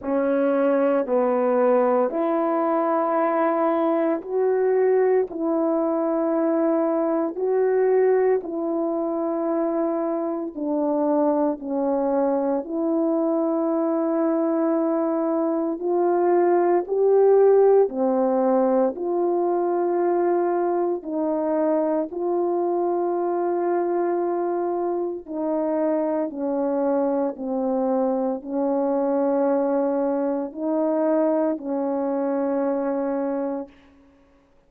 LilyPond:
\new Staff \with { instrumentName = "horn" } { \time 4/4 \tempo 4 = 57 cis'4 b4 e'2 | fis'4 e'2 fis'4 | e'2 d'4 cis'4 | e'2. f'4 |
g'4 c'4 f'2 | dis'4 f'2. | dis'4 cis'4 c'4 cis'4~ | cis'4 dis'4 cis'2 | }